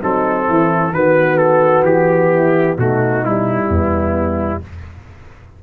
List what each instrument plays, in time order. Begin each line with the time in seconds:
0.00 tuba F#3, trombone C4, horn D#4, trumpet A4
0.47 tuba E3, horn E4
0.91 tuba D#3, trombone B3, horn F#4, trumpet B4
1.37 trumpet A4
1.82 tuba E3, trumpet G4
2.34 horn E4
2.77 tuba B2, trombone A3, horn D#4, trumpet F#4
3.23 trombone G3, trumpet E4
3.69 tuba E2, horn B3